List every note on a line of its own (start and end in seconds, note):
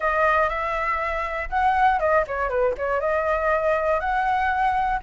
0.00 0.49 D#5
0.49 1.49 E5
1.49 1.99 F#5
1.99 2.24 D#5
2.27 2.49 C#5
2.49 2.74 B4
2.77 3.00 C#5
3.00 4.00 D#5
4.00 5.00 F#5